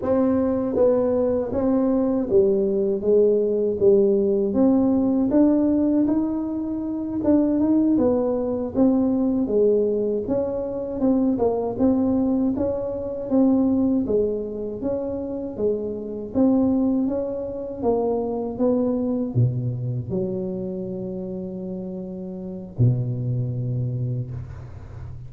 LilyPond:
\new Staff \with { instrumentName = "tuba" } { \time 4/4 \tempo 4 = 79 c'4 b4 c'4 g4 | gis4 g4 c'4 d'4 | dis'4. d'8 dis'8 b4 c'8~ | c'8 gis4 cis'4 c'8 ais8 c'8~ |
c'8 cis'4 c'4 gis4 cis'8~ | cis'8 gis4 c'4 cis'4 ais8~ | ais8 b4 b,4 fis4.~ | fis2 b,2 | }